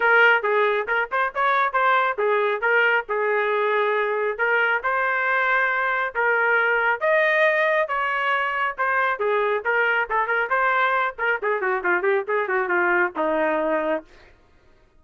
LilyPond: \new Staff \with { instrumentName = "trumpet" } { \time 4/4 \tempo 4 = 137 ais'4 gis'4 ais'8 c''8 cis''4 | c''4 gis'4 ais'4 gis'4~ | gis'2 ais'4 c''4~ | c''2 ais'2 |
dis''2 cis''2 | c''4 gis'4 ais'4 a'8 ais'8 | c''4. ais'8 gis'8 fis'8 f'8 g'8 | gis'8 fis'8 f'4 dis'2 | }